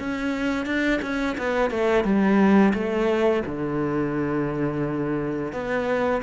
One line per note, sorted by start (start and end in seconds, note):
0.00 0.66 C#4
0.66 1.01 D4
1.03 1.37 C#4
1.39 1.71 B3
1.71 2.05 A3
2.05 2.74 G3
2.74 3.43 A3
3.46 5.53 D3
5.53 6.22 B3